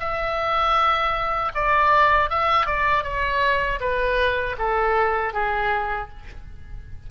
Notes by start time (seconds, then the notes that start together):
0.00 E5
1.55 D5
2.30 E5
2.67 D5
3.03 C#5
3.80 B4
4.58 A4
5.33 G#4